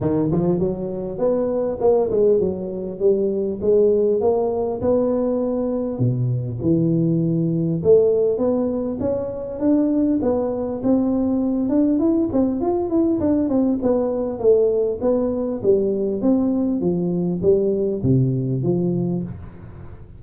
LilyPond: \new Staff \with { instrumentName = "tuba" } { \time 4/4 \tempo 4 = 100 dis8 f8 fis4 b4 ais8 gis8 | fis4 g4 gis4 ais4 | b2 b,4 e4~ | e4 a4 b4 cis'4 |
d'4 b4 c'4. d'8 | e'8 c'8 f'8 e'8 d'8 c'8 b4 | a4 b4 g4 c'4 | f4 g4 c4 f4 | }